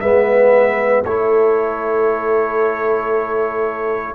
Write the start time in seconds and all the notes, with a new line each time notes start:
0.00 G#3 B3 B4 E5
1.05 A3 E4 A4 C#5